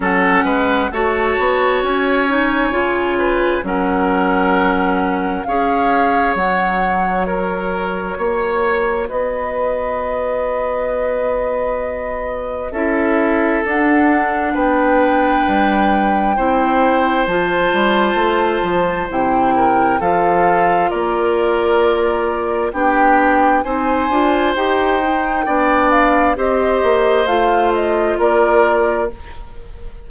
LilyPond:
<<
  \new Staff \with { instrumentName = "flute" } { \time 4/4 \tempo 4 = 66 fis''4 a''4 gis''2 | fis''2 f''4 fis''4 | cis''2 dis''2~ | dis''2 e''4 fis''4 |
g''2. a''4~ | a''4 g''4 f''4 d''4~ | d''4 g''4 gis''4 g''4~ | g''8 f''8 dis''4 f''8 dis''8 d''4 | }
  \new Staff \with { instrumentName = "oboe" } { \time 4/4 a'8 b'8 cis''2~ cis''8 b'8 | ais'2 cis''2 | ais'4 cis''4 b'2~ | b'2 a'2 |
b'2 c''2~ | c''4. ais'8 a'4 ais'4~ | ais'4 g'4 c''2 | d''4 c''2 ais'4 | }
  \new Staff \with { instrumentName = "clarinet" } { \time 4/4 cis'4 fis'4. dis'8 f'4 | cis'2 gis'4 fis'4~ | fis'1~ | fis'2 e'4 d'4~ |
d'2 e'4 f'4~ | f'4 e'4 f'2~ | f'4 d'4 dis'8 f'8 g'8 dis'8 | d'4 g'4 f'2 | }
  \new Staff \with { instrumentName = "bassoon" } { \time 4/4 fis8 gis8 a8 b8 cis'4 cis4 | fis2 cis'4 fis4~ | fis4 ais4 b2~ | b2 cis'4 d'4 |
b4 g4 c'4 f8 g8 | a8 f8 c4 f4 ais4~ | ais4 b4 c'8 d'8 dis'4 | b4 c'8 ais8 a4 ais4 | }
>>